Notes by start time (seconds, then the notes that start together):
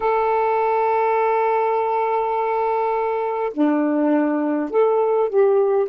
0.00 A4
3.53 D4
4.70 A4
5.29 G4